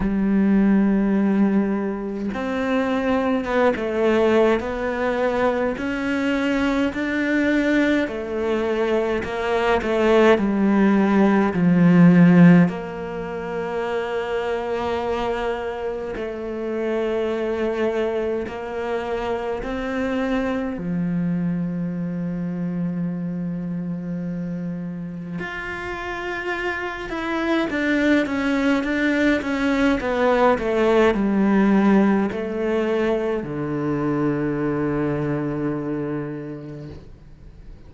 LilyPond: \new Staff \with { instrumentName = "cello" } { \time 4/4 \tempo 4 = 52 g2 c'4 b16 a8. | b4 cis'4 d'4 a4 | ais8 a8 g4 f4 ais4~ | ais2 a2 |
ais4 c'4 f2~ | f2 f'4. e'8 | d'8 cis'8 d'8 cis'8 b8 a8 g4 | a4 d2. | }